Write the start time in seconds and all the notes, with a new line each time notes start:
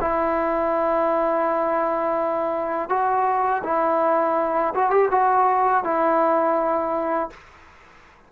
0.00 E4
2.89 F#4
3.64 E4
4.74 F#4
4.90 G4
5.11 F#4
5.84 E4